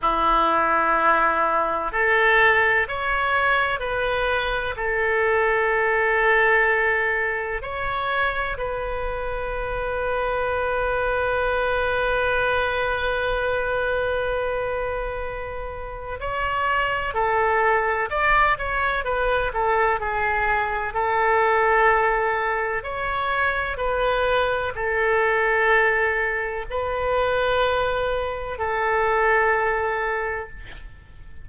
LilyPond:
\new Staff \with { instrumentName = "oboe" } { \time 4/4 \tempo 4 = 63 e'2 a'4 cis''4 | b'4 a'2. | cis''4 b'2.~ | b'1~ |
b'4 cis''4 a'4 d''8 cis''8 | b'8 a'8 gis'4 a'2 | cis''4 b'4 a'2 | b'2 a'2 | }